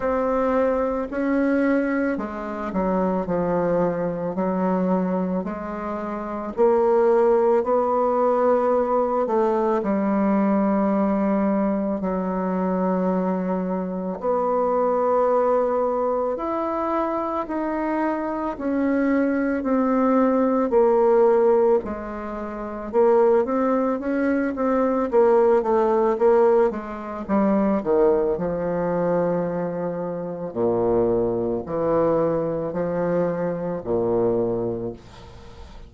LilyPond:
\new Staff \with { instrumentName = "bassoon" } { \time 4/4 \tempo 4 = 55 c'4 cis'4 gis8 fis8 f4 | fis4 gis4 ais4 b4~ | b8 a8 g2 fis4~ | fis4 b2 e'4 |
dis'4 cis'4 c'4 ais4 | gis4 ais8 c'8 cis'8 c'8 ais8 a8 | ais8 gis8 g8 dis8 f2 | ais,4 e4 f4 ais,4 | }